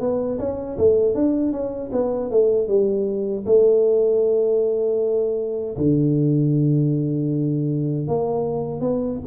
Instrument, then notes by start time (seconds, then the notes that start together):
tuba
0.00 B3
0.39 C#4
0.78 A3
1.14 D4
1.52 C#4
1.92 B3
2.30 A3
2.67 G3
3.46 A3
5.77 D3
8.07 A#3
8.80 B3